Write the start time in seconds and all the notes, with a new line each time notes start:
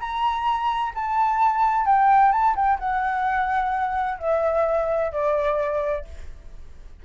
0.00 A#5
0.95 A5
1.86 G5
2.32 A5
2.56 G5
2.79 F#5
4.19 E5
5.12 D5